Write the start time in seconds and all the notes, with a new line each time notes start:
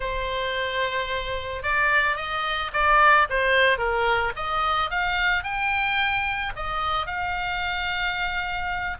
0.00 C5
1.62 D5
2.16 D#5
2.73 D5
3.29 C5
3.78 A#4
4.35 D#5
4.90 F5
5.43 G5
6.56 D#5
7.06 F5